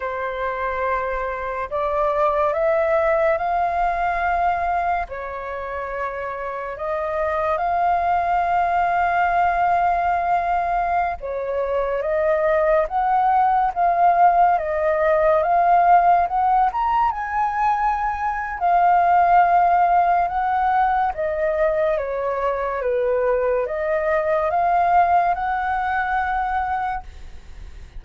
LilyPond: \new Staff \with { instrumentName = "flute" } { \time 4/4 \tempo 4 = 71 c''2 d''4 e''4 | f''2 cis''2 | dis''4 f''2.~ | f''4~ f''16 cis''4 dis''4 fis''8.~ |
fis''16 f''4 dis''4 f''4 fis''8 ais''16~ | ais''16 gis''4.~ gis''16 f''2 | fis''4 dis''4 cis''4 b'4 | dis''4 f''4 fis''2 | }